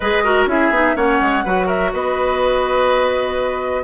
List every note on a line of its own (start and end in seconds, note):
0.00 0.46 G#3
0.00 0.24 G#4
0.00 0.23 B4
0.00 0.45 D#5
0.24 0.48 F#4
0.24 0.48 A#4
0.46 0.70 C#4
0.46 0.73 E4
0.46 0.96 G#4
0.46 0.96 E5
0.70 0.94 B3
0.70 0.95 D#4
0.95 1.20 A#3
0.95 1.44 C#4
0.95 1.44 C#5
0.95 1.68 F#5
1.20 1.44 G#3
1.44 1.92 F#3
1.44 3.83 F#4
1.44 1.66 B4
1.66 1.90 A#4
1.66 1.92 E5
1.92 3.83 B3
1.92 3.83 B4
1.92 3.83 D#5